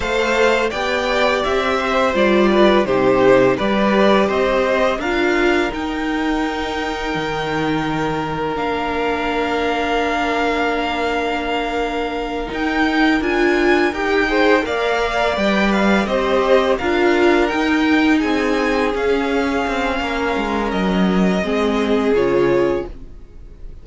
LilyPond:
<<
  \new Staff \with { instrumentName = "violin" } { \time 4/4 \tempo 4 = 84 f''4 g''4 e''4 d''4 | c''4 d''4 dis''4 f''4 | g''1 | f''1~ |
f''4. g''4 gis''4 g''8~ | g''8 f''4 g''8 f''8 dis''4 f''8~ | f''8 g''4 gis''4 f''4.~ | f''4 dis''2 cis''4 | }
  \new Staff \with { instrumentName = "violin" } { \time 4/4 c''4 d''4. c''4 b'8 | g'4 b'4 c''4 ais'4~ | ais'1~ | ais'1~ |
ais'1 | c''8 d''2 c''4 ais'8~ | ais'4. gis'2~ gis'8 | ais'2 gis'2 | }
  \new Staff \with { instrumentName = "viola" } { \time 4/4 a'4 g'2 f'4 | dis'4 g'2 f'4 | dis'1 | d'1~ |
d'4. dis'4 f'4 g'8 | gis'8 ais'4 b'4 g'4 f'8~ | f'8 dis'2 cis'4.~ | cis'2 c'4 f'4 | }
  \new Staff \with { instrumentName = "cello" } { \time 4/4 a4 b4 c'4 g4 | c4 g4 c'4 d'4 | dis'2 dis2 | ais1~ |
ais4. dis'4 d'4 dis'8~ | dis'8 ais4 g4 c'4 d'8~ | d'8 dis'4 c'4 cis'4 c'8 | ais8 gis8 fis4 gis4 cis4 | }
>>